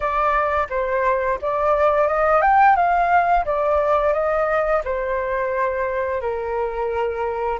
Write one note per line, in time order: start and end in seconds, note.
0.00 0.67 D5
0.69 1.38 C5
1.41 2.07 D5
2.07 2.41 D#5
2.41 2.76 G5
2.76 3.45 F5
3.45 4.13 D5
4.13 4.82 D#5
4.84 6.21 C5
6.21 7.59 A#4